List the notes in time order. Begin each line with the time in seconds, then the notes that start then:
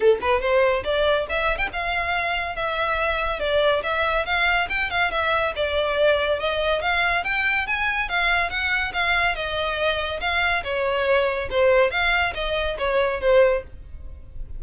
0.00 A4
0.21 B4
0.40 C5
0.84 D5
1.29 E5
1.57 G5
1.72 F5
2.55 E5
3.39 D5
3.83 E5
4.25 F5
4.69 G5
4.90 F5
5.11 E5
5.55 D5
6.39 D#5
6.81 F5
7.24 G5
7.66 G#5
8.08 F5
8.50 F#5
8.93 F5
9.35 D#5
10.20 F5
10.63 C#5
11.50 C5
11.90 F5
12.34 D#5
12.78 C#5
13.20 C5